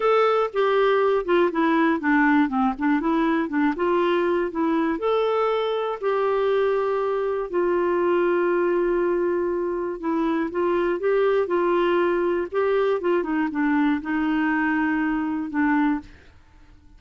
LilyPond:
\new Staff \with { instrumentName = "clarinet" } { \time 4/4 \tempo 4 = 120 a'4 g'4. f'8 e'4 | d'4 c'8 d'8 e'4 d'8 f'8~ | f'4 e'4 a'2 | g'2. f'4~ |
f'1 | e'4 f'4 g'4 f'4~ | f'4 g'4 f'8 dis'8 d'4 | dis'2. d'4 | }